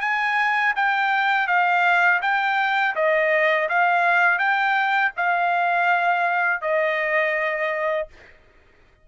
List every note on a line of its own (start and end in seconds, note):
0.00 0.73 G#5
0.75 1.47 G5
1.47 2.20 F5
2.22 2.95 G5
2.95 3.68 D#5
3.69 4.38 F5
4.38 5.11 G5
5.16 6.61 F5
6.61 8.08 D#5